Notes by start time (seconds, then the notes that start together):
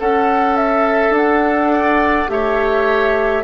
0.00 C#4 A4 F#5
0.57 E5
1.10 D4 F#5
1.73 D5
2.29 A3 G4 C#5 E5